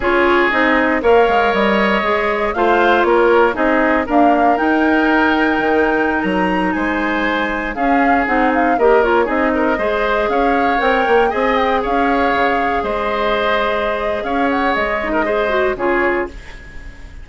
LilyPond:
<<
  \new Staff \with { instrumentName = "flute" } { \time 4/4 \tempo 4 = 118 cis''4 dis''4 f''4 dis''4~ | dis''4 f''4 cis''4 dis''4 | f''4 g''2.~ | g''16 ais''4 gis''2 f''8.~ |
f''16 fis''8 f''8 dis''8 cis''8 dis''4.~ dis''16~ | dis''16 f''4 g''4 gis''8 g''8 f''8.~ | f''4~ f''16 dis''2~ dis''8. | f''8 fis''8 dis''2 cis''4 | }
  \new Staff \with { instrumentName = "oboe" } { \time 4/4 gis'2 cis''2~ | cis''4 c''4 ais'4 gis'4 | ais'1~ | ais'4~ ais'16 c''2 gis'8.~ |
gis'4~ gis'16 ais'4 gis'8 ais'8 c''8.~ | c''16 cis''2 dis''4 cis''8.~ | cis''4~ cis''16 c''2~ c''8. | cis''4.~ cis''16 ais'16 c''4 gis'4 | }
  \new Staff \with { instrumentName = "clarinet" } { \time 4/4 f'4 dis'4 ais'2 | gis'4 f'2 dis'4 | ais4 dis'2.~ | dis'2.~ dis'16 cis'8.~ |
cis'16 dis'4 g'8 f'8 dis'4 gis'8.~ | gis'4~ gis'16 ais'4 gis'4.~ gis'16~ | gis'1~ | gis'4. dis'8 gis'8 fis'8 f'4 | }
  \new Staff \with { instrumentName = "bassoon" } { \time 4/4 cis'4 c'4 ais8 gis8 g4 | gis4 a4 ais4 c'4 | d'4 dis'2 dis4~ | dis16 fis4 gis2 cis'8.~ |
cis'16 c'4 ais4 c'4 gis8.~ | gis16 cis'4 c'8 ais8 c'4 cis'8.~ | cis'16 cis4 gis2~ gis8. | cis'4 gis2 cis4 | }
>>